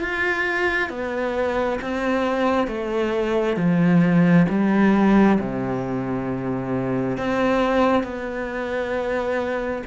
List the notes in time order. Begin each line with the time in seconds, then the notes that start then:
0.00 F4
0.89 B3
1.82 C4
2.67 A3
3.57 F3
4.49 G3
5.39 C3
7.17 C4
8.04 B3